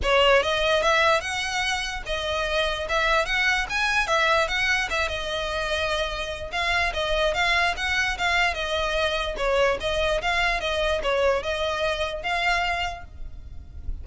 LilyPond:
\new Staff \with { instrumentName = "violin" } { \time 4/4 \tempo 4 = 147 cis''4 dis''4 e''4 fis''4~ | fis''4 dis''2 e''4 | fis''4 gis''4 e''4 fis''4 | e''8 dis''2.~ dis''8 |
f''4 dis''4 f''4 fis''4 | f''4 dis''2 cis''4 | dis''4 f''4 dis''4 cis''4 | dis''2 f''2 | }